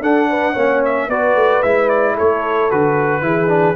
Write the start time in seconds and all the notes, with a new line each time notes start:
0.00 D4 A4 F#5
0.30 B4
0.53 A#3 C#4 C#5
0.84 E5
1.08 B3 F#4 B4 D5
1.35 A3
1.62 G#3 E4 E5
1.89 D5
2.14 A3 A4 C#5
2.70 D3 F#4 B4
3.22 E3 E4 G#4
3.47 D4